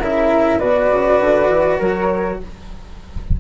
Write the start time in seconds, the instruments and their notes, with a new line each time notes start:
0.00 bassoon C#3, cello E4, flute A#4 E5
0.59 bassoon B2, cello F#4, flute B4 D5
0.90 bassoon C#3
1.20 bassoon D3
1.49 bassoon E3
1.79 bassoon F#3, flute A#4 C#5